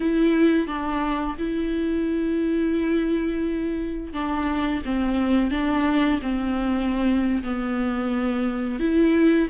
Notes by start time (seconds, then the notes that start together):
0.00 E4
0.67 D4
1.38 E4
4.13 D4
4.85 C4
5.50 D4
6.22 C4
7.43 B3
8.79 E4